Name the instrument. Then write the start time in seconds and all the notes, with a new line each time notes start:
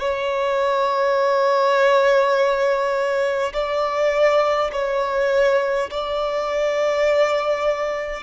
violin
0.00 C#5
3.53 D5
4.72 C#5
5.90 D5